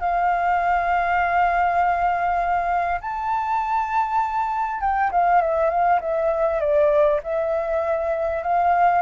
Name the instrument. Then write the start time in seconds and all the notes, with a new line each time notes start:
flute
0.00 F5
3.01 A5
4.80 G5
5.11 F5
5.41 E5
5.69 F5
6.00 E5
6.60 D5
7.23 E5
8.43 F5